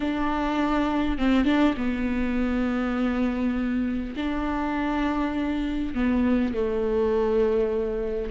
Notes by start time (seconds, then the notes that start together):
0.00 D4
1.17 C4
1.44 D4
1.77 B3
4.16 D4
5.94 B3
6.54 A3